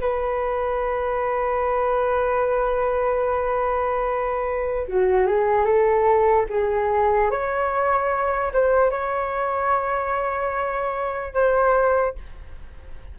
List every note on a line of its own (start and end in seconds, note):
0.00 4.86 B4
4.88 5.27 F#4
5.27 5.65 G#4
5.65 6.46 A4
6.49 7.30 G#4
7.30 8.52 C#5
8.53 8.90 C5
8.90 11.34 C#5
11.34 12.15 C5